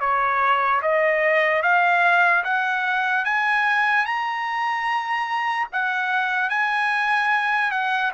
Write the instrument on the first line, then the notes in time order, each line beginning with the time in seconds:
trumpet
0.00 C#5
0.82 D#5
1.63 F5
2.44 F#5
3.25 G#5
4.05 A#5
5.72 F#5
6.49 G#5
7.71 F#5